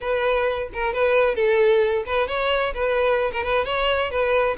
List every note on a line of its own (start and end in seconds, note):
0.00 0.69 B4
0.73 0.93 A#4
0.93 1.35 B4
1.35 2.04 A4
2.06 2.27 B4
2.27 2.73 C#5
2.74 3.31 B4
3.32 3.43 A#4
3.43 3.65 B4
3.65 4.11 C#5
4.11 4.56 B4